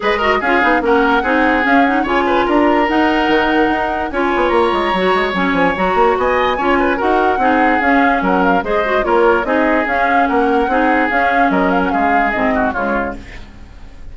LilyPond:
<<
  \new Staff \with { instrumentName = "flute" } { \time 4/4 \tempo 4 = 146 dis''4 f''4 fis''2 | f''8 fis''8 gis''4 ais''4 fis''4~ | fis''2 gis''4 ais''4~ | ais''4 gis''4 ais''4 gis''4~ |
gis''4 fis''2 f''4 | fis''8 f''8 dis''4 cis''4 dis''4 | f''4 fis''2 f''4 | dis''8 f''16 fis''16 f''4 dis''4 cis''4 | }
  \new Staff \with { instrumentName = "oboe" } { \time 4/4 b'8 ais'8 gis'4 ais'4 gis'4~ | gis'4 cis''8 b'8 ais'2~ | ais'2 cis''2~ | cis''2. dis''4 |
cis''8 b'8 ais'4 gis'2 | ais'4 c''4 ais'4 gis'4~ | gis'4 ais'4 gis'2 | ais'4 gis'4. fis'8 f'4 | }
  \new Staff \with { instrumentName = "clarinet" } { \time 4/4 gis'8 fis'8 f'8 dis'8 cis'4 dis'4 | cis'8 dis'8 f'2 dis'4~ | dis'2 f'2 | fis'4 cis'4 fis'2 |
f'4 fis'4 dis'4 cis'4~ | cis'4 gis'8 fis'8 f'4 dis'4 | cis'2 dis'4 cis'4~ | cis'2 c'4 gis4 | }
  \new Staff \with { instrumentName = "bassoon" } { \time 4/4 gis4 cis'8 b8 ais4 c'4 | cis'4 cis4 d'4 dis'4 | dis4 dis'4 cis'8 b8 ais8 gis8 | fis8 gis8 fis8 f8 fis8 ais8 b4 |
cis'4 dis'4 c'4 cis'4 | fis4 gis4 ais4 c'4 | cis'4 ais4 c'4 cis'4 | fis4 gis4 gis,4 cis4 | }
>>